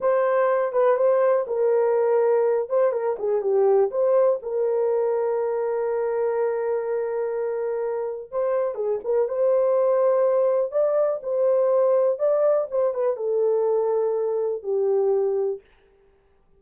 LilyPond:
\new Staff \with { instrumentName = "horn" } { \time 4/4 \tempo 4 = 123 c''4. b'8 c''4 ais'4~ | ais'4. c''8 ais'8 gis'8 g'4 | c''4 ais'2.~ | ais'1~ |
ais'4 c''4 gis'8 ais'8 c''4~ | c''2 d''4 c''4~ | c''4 d''4 c''8 b'8 a'4~ | a'2 g'2 | }